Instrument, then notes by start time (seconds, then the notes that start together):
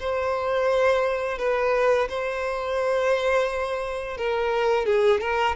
violin
0.00 C5
1.39 B4
2.09 C5
4.18 A#4
4.86 G#4
5.21 A#4